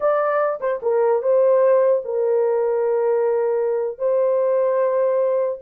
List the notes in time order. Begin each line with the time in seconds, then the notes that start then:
0.00 D5
0.60 C5
0.82 A#4
1.22 C5
2.04 A#4
3.98 C5